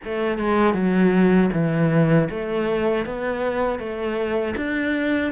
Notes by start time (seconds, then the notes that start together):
0.04 A3
0.38 G#3
0.74 F#3
1.52 E3
2.30 A3
3.05 B3
3.79 A3
4.56 D4